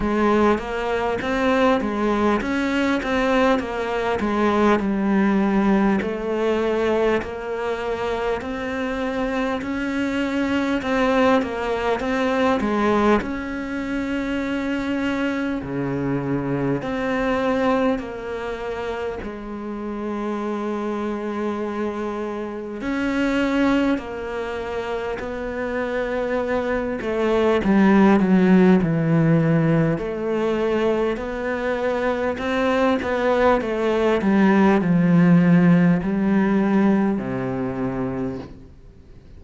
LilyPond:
\new Staff \with { instrumentName = "cello" } { \time 4/4 \tempo 4 = 50 gis8 ais8 c'8 gis8 cis'8 c'8 ais8 gis8 | g4 a4 ais4 c'4 | cis'4 c'8 ais8 c'8 gis8 cis'4~ | cis'4 cis4 c'4 ais4 |
gis2. cis'4 | ais4 b4. a8 g8 fis8 | e4 a4 b4 c'8 b8 | a8 g8 f4 g4 c4 | }